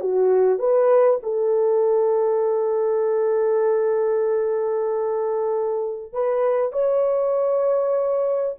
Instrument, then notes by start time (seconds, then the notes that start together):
horn
0.00 F#4
0.59 B4
1.23 A4
6.13 B4
6.72 C#5